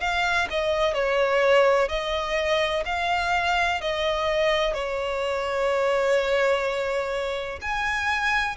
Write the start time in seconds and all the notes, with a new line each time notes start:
0.00 F5
0.50 D#5
0.94 C#5
1.88 D#5
2.85 F5
3.81 D#5
4.74 C#5
7.61 G#5